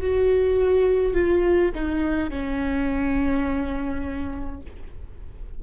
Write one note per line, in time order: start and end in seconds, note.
0.00 1.13 F#4
1.13 1.71 F4
1.75 2.30 D#4
2.30 4.60 C#4